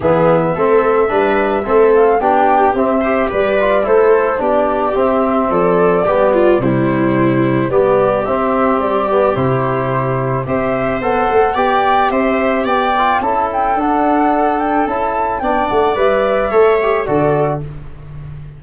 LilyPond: <<
  \new Staff \with { instrumentName = "flute" } { \time 4/4 \tempo 4 = 109 e''2.~ e''8 f''8 | g''4 e''4 d''4 c''4 | d''4 e''4 d''2 | c''2 d''4 e''4 |
d''4 c''2 e''4 | fis''4 g''4 e''4 g''4 | a''8 g''8 fis''4. g''8 a''4 | g''8 fis''8 e''2 d''4 | }
  \new Staff \with { instrumentName = "viola" } { \time 4/4 gis'4 a'4 b'4 a'4 | g'4. c''8 b'4 a'4 | g'2 a'4 g'8 f'8 | e'2 g'2~ |
g'2. c''4~ | c''4 d''4 c''4 d''4 | a'1 | d''2 cis''4 a'4 | }
  \new Staff \with { instrumentName = "trombone" } { \time 4/4 b4 c'4 d'4 c'4 | d'4 c'8 g'4 f'8 e'4 | d'4 c'2 b4 | g2 b4 c'4~ |
c'8 b8 e'2 g'4 | a'4 g'2~ g'8 f'8 | e'4 d'2 e'4 | d'4 b'4 a'8 g'8 fis'4 | }
  \new Staff \with { instrumentName = "tuba" } { \time 4/4 e4 a4 g4 a4 | b4 c'4 g4 a4 | b4 c'4 f4 g4 | c2 g4 c'4 |
g4 c2 c'4 | b8 a8 b4 c'4 b4 | cis'4 d'2 cis'4 | b8 a8 g4 a4 d4 | }
>>